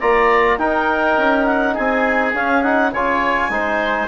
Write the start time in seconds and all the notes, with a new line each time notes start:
0.00 A#3 F4 D5 A#5
0.58 D#4 A#4 G5
1.17 C#4
1.45 F#5
1.74 C4 G#4 G#5
2.34 C#4 F5
2.62 D#4 F#5
2.92 C#3 F4 C#5 G#5
3.49 G#3 D#4 C5